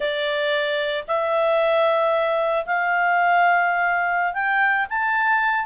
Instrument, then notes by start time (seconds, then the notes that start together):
clarinet
0.00 D5
1.07 E5
2.66 F5
4.33 G5
4.89 A5